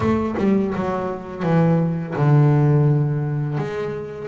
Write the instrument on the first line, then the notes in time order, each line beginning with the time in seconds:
double bass
0.00 A3
0.37 G3
0.75 F#3
1.43 E3
2.15 D3
3.57 G#3